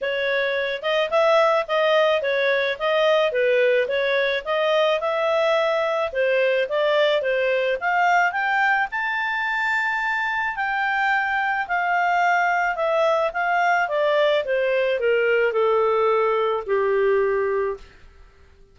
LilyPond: \new Staff \with { instrumentName = "clarinet" } { \time 4/4 \tempo 4 = 108 cis''4. dis''8 e''4 dis''4 | cis''4 dis''4 b'4 cis''4 | dis''4 e''2 c''4 | d''4 c''4 f''4 g''4 |
a''2. g''4~ | g''4 f''2 e''4 | f''4 d''4 c''4 ais'4 | a'2 g'2 | }